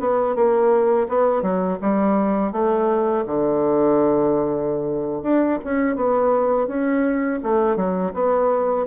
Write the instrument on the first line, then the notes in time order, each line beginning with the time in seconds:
bassoon
0.00 B3
0.35 A#3
1.09 B3
1.42 F#3
1.81 G3
2.52 A3
3.26 D3
5.22 D4
5.64 C#4
5.96 B3
6.67 C#4
7.43 A3
7.76 F#3
8.14 B3